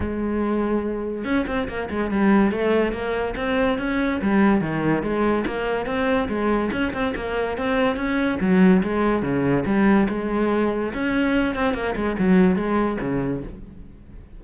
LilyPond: \new Staff \with { instrumentName = "cello" } { \time 4/4 \tempo 4 = 143 gis2. cis'8 c'8 | ais8 gis8 g4 a4 ais4 | c'4 cis'4 g4 dis4 | gis4 ais4 c'4 gis4 |
cis'8 c'8 ais4 c'4 cis'4 | fis4 gis4 cis4 g4 | gis2 cis'4. c'8 | ais8 gis8 fis4 gis4 cis4 | }